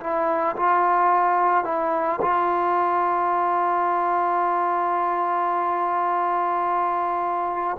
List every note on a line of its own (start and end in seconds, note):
0.00 0.56 E4
0.56 1.64 F4
1.64 2.20 E4
2.22 7.77 F4